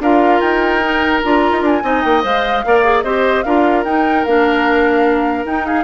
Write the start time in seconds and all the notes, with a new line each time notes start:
0.00 D4 F4 A#4 F5
0.40 D#4 G5
0.82 D#4
1.23 D4 F4 A#5
1.52 D#4
1.61 D4 G#5
1.83 C4 D#4 D#5
2.02 A#3 G5
2.22 G#3 C5 F5
2.65 A#3 A#4 D5
2.84 G#4
3.02 C4 G4 C5 D#5
3.43 D4 F4 A#4 F5
3.84 D#4 G5
4.25 A#3 D4 F5
5.45 D#4 G5
5.66 G#4 F5